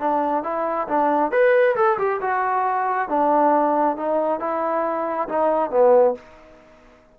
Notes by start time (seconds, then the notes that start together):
0.00 D4
0.44 E4
0.88 D4
1.32 B4
1.76 A4
1.99 G4
2.21 F#4
3.09 D4
3.97 D#4
4.40 E4
5.29 D#4
5.71 B3